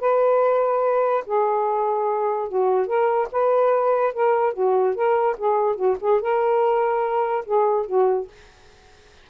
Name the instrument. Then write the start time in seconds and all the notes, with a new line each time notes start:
saxophone
0.00 B4
1.26 G#4
2.49 F#4
2.87 A#4
3.32 B4
4.13 A#4
4.53 F#4
4.95 A#4
5.38 G#4
5.76 F#4
6.01 G#4
6.21 A#4
7.45 G#4
7.86 F#4